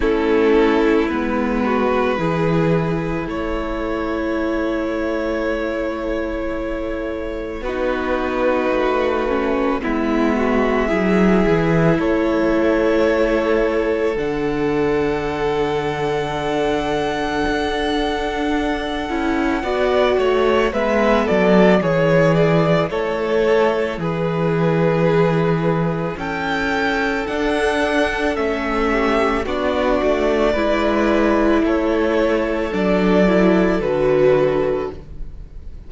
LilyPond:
<<
  \new Staff \with { instrumentName = "violin" } { \time 4/4 \tempo 4 = 55 a'4 b'2 cis''4~ | cis''2. b'4~ | b'4 e''2 cis''4~ | cis''4 fis''2.~ |
fis''2. e''8 d''8 | cis''8 d''8 cis''4 b'2 | g''4 fis''4 e''4 d''4~ | d''4 cis''4 d''4 b'4 | }
  \new Staff \with { instrumentName = "violin" } { \time 4/4 e'4. fis'8 gis'4 a'4~ | a'2. fis'4~ | fis'4 e'8 fis'8 gis'4 a'4~ | a'1~ |
a'2 d''8 cis''8 b'8 a'8 | gis'4 a'4 gis'2 | a'2~ a'8 g'8 fis'4 | b'4 a'2. | }
  \new Staff \with { instrumentName = "viola" } { \time 4/4 cis'4 b4 e'2~ | e'2. dis'4~ | dis'8 cis'8 b4 e'2~ | e'4 d'2.~ |
d'4. e'8 fis'4 b4 | e'1~ | e'4 d'4 cis'4 d'4 | e'2 d'8 e'8 fis'4 | }
  \new Staff \with { instrumentName = "cello" } { \time 4/4 a4 gis4 e4 a4~ | a2. b4 | a4 gis4 fis8 e8 a4~ | a4 d2. |
d'4. cis'8 b8 a8 gis8 fis8 | e4 a4 e2 | cis'4 d'4 a4 b8 a8 | gis4 a4 fis4 d4 | }
>>